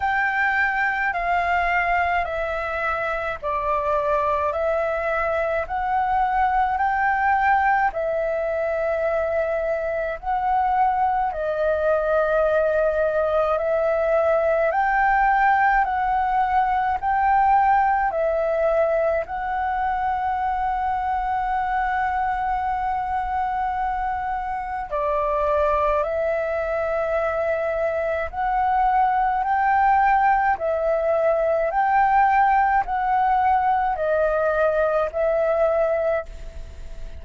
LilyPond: \new Staff \with { instrumentName = "flute" } { \time 4/4 \tempo 4 = 53 g''4 f''4 e''4 d''4 | e''4 fis''4 g''4 e''4~ | e''4 fis''4 dis''2 | e''4 g''4 fis''4 g''4 |
e''4 fis''2.~ | fis''2 d''4 e''4~ | e''4 fis''4 g''4 e''4 | g''4 fis''4 dis''4 e''4 | }